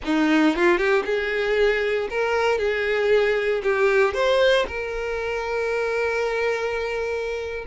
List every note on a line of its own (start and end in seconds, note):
0.04 0.55 D#4
0.55 0.77 F4
0.77 1.03 G4
1.05 2.08 G#4
2.09 2.58 A#4
2.58 3.61 G#4
3.63 4.14 G4
4.14 4.66 C5
4.67 7.65 A#4